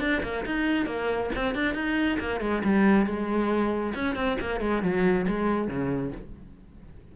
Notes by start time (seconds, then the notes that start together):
0.00 D4
0.22 A#3
0.46 D#4
0.86 A#3
1.35 C4
1.54 D4
1.74 D#4
2.19 A#3
2.40 G#3
2.64 G3
3.06 G#3
3.95 C#4
4.15 C4
4.40 A#3
4.60 G#3
4.82 F#3
5.28 G#3
5.68 C#3